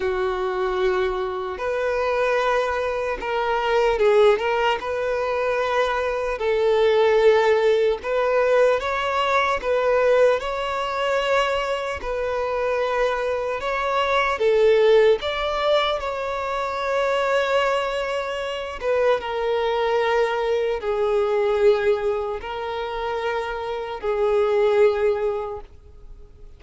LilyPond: \new Staff \with { instrumentName = "violin" } { \time 4/4 \tempo 4 = 75 fis'2 b'2 | ais'4 gis'8 ais'8 b'2 | a'2 b'4 cis''4 | b'4 cis''2 b'4~ |
b'4 cis''4 a'4 d''4 | cis''2.~ cis''8 b'8 | ais'2 gis'2 | ais'2 gis'2 | }